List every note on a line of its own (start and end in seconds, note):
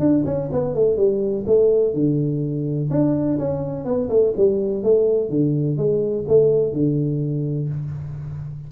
0.00 0.24 D4
0.26 0.50 C#4
0.52 0.75 B3
0.75 0.97 A3
0.97 1.45 G3
1.47 1.94 A3
1.94 2.90 D3
2.91 3.39 D4
3.39 3.85 C#4
3.85 4.09 B3
4.10 4.34 A3
4.37 4.83 G3
4.83 5.30 A3
5.30 5.77 D3
5.77 6.25 G#3
6.28 6.73 A3
6.73 7.69 D3